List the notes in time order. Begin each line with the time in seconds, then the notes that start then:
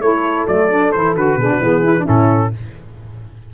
0.00 A3 E4 A4 C#5
0.47 F#3 A3 D5
0.70 D4
0.92 E3 E4 C5
1.15 D3 F#4 B4
1.36 B2 D4 G#4
1.50 F#4
1.60 E3 B3 G#4
1.83 E4
1.97 D4
2.04 A2 C#4 E4 A4